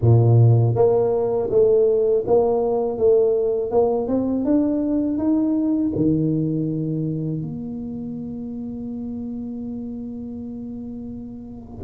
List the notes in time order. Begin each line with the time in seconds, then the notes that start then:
0.01 A#2
0.75 A#3
1.50 A3
2.27 A#3
2.98 A3
3.70 A#3
4.07 C4
4.44 D4
5.18 D#4
5.95 D#3
7.41 A#3